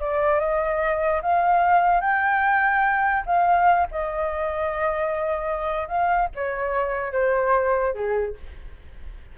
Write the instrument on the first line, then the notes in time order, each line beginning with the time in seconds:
flute
0.00 D5
0.40 D#5
1.22 F5
2.01 G5
3.26 F5
3.91 D#5
5.88 F5
6.35 C#5
7.12 C5
7.94 G#4